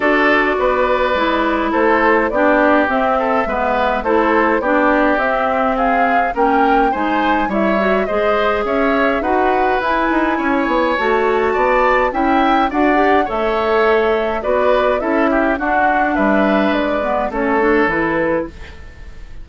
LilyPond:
<<
  \new Staff \with { instrumentName = "flute" } { \time 4/4 \tempo 4 = 104 d''2. c''4 | d''4 e''2 c''4 | d''4 e''4 f''4 g''4 | gis''4 e''4 dis''4 e''4 |
fis''4 gis''2 a''4~ | a''4 g''4 fis''4 e''4~ | e''4 d''4 e''4 fis''4 | e''4 d''4 cis''4 b'4 | }
  \new Staff \with { instrumentName = "oboe" } { \time 4/4 a'4 b'2 a'4 | g'4. a'8 b'4 a'4 | g'2 gis'4 ais'4 | c''4 cis''4 c''4 cis''4 |
b'2 cis''2 | d''4 e''4 d''4 cis''4~ | cis''4 b'4 a'8 g'8 fis'4 | b'2 a'2 | }
  \new Staff \with { instrumentName = "clarinet" } { \time 4/4 fis'2 e'2 | d'4 c'4 b4 e'4 | d'4 c'2 cis'4 | dis'4 e'8 fis'8 gis'2 |
fis'4 e'2 fis'4~ | fis'4 e'4 fis'8 g'8 a'4~ | a'4 fis'4 e'4 d'4~ | d'4. b8 cis'8 d'8 e'4 | }
  \new Staff \with { instrumentName = "bassoon" } { \time 4/4 d'4 b4 gis4 a4 | b4 c'4 gis4 a4 | b4 c'2 ais4 | gis4 g4 gis4 cis'4 |
dis'4 e'8 dis'8 cis'8 b8 a4 | b4 cis'4 d'4 a4~ | a4 b4 cis'4 d'4 | g4 gis4 a4 e4 | }
>>